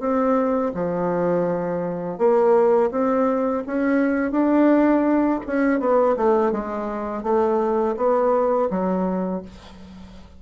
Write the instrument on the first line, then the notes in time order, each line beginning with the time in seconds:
bassoon
0.00 C4
0.75 F3
2.19 A#3
2.91 C4
3.67 C#4
4.32 D4
5.47 C#4
5.80 B3
6.17 A3
6.52 G#3
7.24 A3
7.97 B3
8.70 F#3